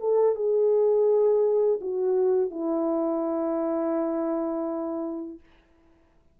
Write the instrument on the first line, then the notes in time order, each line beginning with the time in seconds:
horn
0.00 A4
0.35 G#4
1.81 F#4
2.51 E4